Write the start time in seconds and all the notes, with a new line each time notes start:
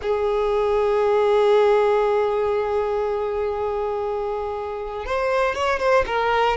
0.01 G#4
5.05 C5
5.54 C#5
5.79 C5
6.06 A#4